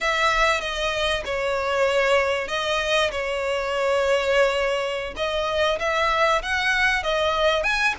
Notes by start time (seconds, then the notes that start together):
0.00 E5
0.61 D#5
1.25 C#5
2.48 D#5
3.11 C#5
5.16 D#5
5.79 E5
6.42 F#5
7.03 D#5
7.63 G#5